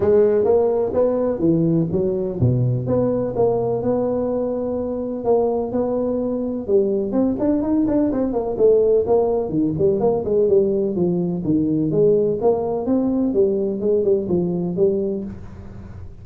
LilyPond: \new Staff \with { instrumentName = "tuba" } { \time 4/4 \tempo 4 = 126 gis4 ais4 b4 e4 | fis4 b,4 b4 ais4 | b2. ais4 | b2 g4 c'8 d'8 |
dis'8 d'8 c'8 ais8 a4 ais4 | dis8 g8 ais8 gis8 g4 f4 | dis4 gis4 ais4 c'4 | g4 gis8 g8 f4 g4 | }